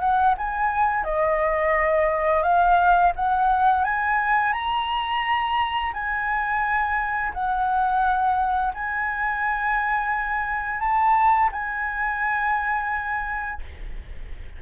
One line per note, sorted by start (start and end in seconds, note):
0.00 0.35 F#5
0.38 1.05 G#5
1.05 2.43 D#5
2.43 3.13 F5
3.16 3.85 F#5
3.85 4.53 G#5
4.53 5.93 A#5
5.94 7.33 G#5
7.34 8.73 F#5
8.75 10.80 G#5
10.80 11.50 A5
11.52 13.62 G#5